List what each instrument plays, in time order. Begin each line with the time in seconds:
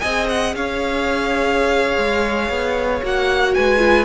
0.00 cello C4, viola G#4, violin D#5 G#5
0.29 violin F#5
0.54 cello C#4, violin C#5 F5
1.98 cello G#3
2.50 cello B3
3.03 cello A#3, viola F#4, violin F#5
3.55 cello G#3, violin B4 G#5
3.79 viola F4